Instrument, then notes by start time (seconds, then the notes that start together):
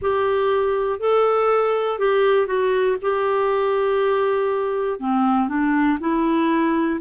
clarinet
0.01 G4
0.99 A4
1.98 G4
2.46 F#4
3.01 G4
4.99 C4
5.48 D4
6.00 E4